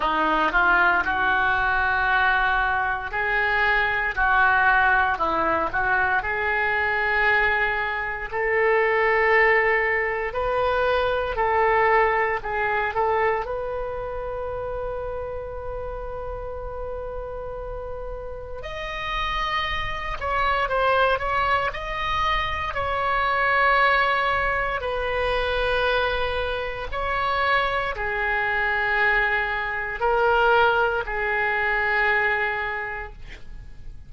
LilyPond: \new Staff \with { instrumentName = "oboe" } { \time 4/4 \tempo 4 = 58 dis'8 f'8 fis'2 gis'4 | fis'4 e'8 fis'8 gis'2 | a'2 b'4 a'4 | gis'8 a'8 b'2.~ |
b'2 dis''4. cis''8 | c''8 cis''8 dis''4 cis''2 | b'2 cis''4 gis'4~ | gis'4 ais'4 gis'2 | }